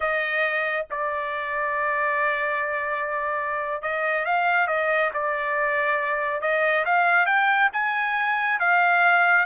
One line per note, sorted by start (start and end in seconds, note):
0.00 0.86 D#5
0.90 3.82 D5
3.82 4.25 D#5
4.25 4.67 F5
4.67 5.10 D#5
5.13 6.41 D5
6.41 6.84 D#5
6.85 7.26 F5
7.26 7.69 G5
7.72 8.59 G#5
8.59 9.45 F5